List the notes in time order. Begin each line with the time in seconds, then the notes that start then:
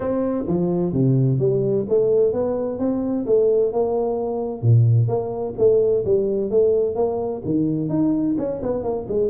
0.00 C4
0.47 F3
0.92 C3
1.38 G3
1.88 A3
2.33 B3
2.79 C4
3.26 A3
3.72 A#3
4.62 A#2
5.08 A#3
5.58 A3
6.04 G3
6.50 A3
6.95 A#3
7.44 D#3
7.89 D#4
8.38 C#4
8.62 B3
8.83 A#3
9.08 G#3